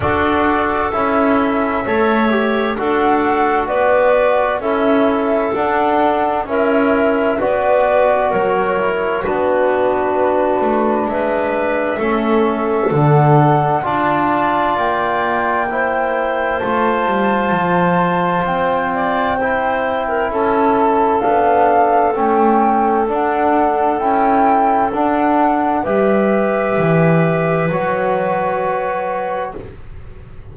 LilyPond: <<
  \new Staff \with { instrumentName = "flute" } { \time 4/4 \tempo 4 = 65 d''4 e''2 fis''4 | d''4 e''4 fis''4 e''4 | d''4 cis''4 b'2 | e''2 fis''4 a''4 |
g''2 a''2 | g''2 a''4 f''4 | g''4 fis''4 g''4 fis''4 | e''2 cis''2 | }
  \new Staff \with { instrumentName = "clarinet" } { \time 4/4 a'2 cis''4 a'4 | b'4 a'2 ais'4 | b'4 ais'4 fis'2 | b'4 a'2 d''4~ |
d''4 c''2.~ | c''8 d''8 c''8. ais'16 a'2~ | a'1 | b'1 | }
  \new Staff \with { instrumentName = "trombone" } { \time 4/4 fis'4 e'4 a'8 g'8 fis'4~ | fis'4 e'4 d'4 e'4 | fis'4. e'8 d'2~ | d'4 cis'4 d'4 f'4~ |
f'4 e'4 f'2~ | f'4 e'2 d'4 | cis'4 d'4 e'4 d'4 | g'2 fis'2 | }
  \new Staff \with { instrumentName = "double bass" } { \time 4/4 d'4 cis'4 a4 d'4 | b4 cis'4 d'4 cis'4 | b4 fis4 b4. a8 | gis4 a4 d4 d'4 |
ais2 a8 g8 f4 | c'2 cis'4 b4 | a4 d'4 cis'4 d'4 | g4 e4 fis2 | }
>>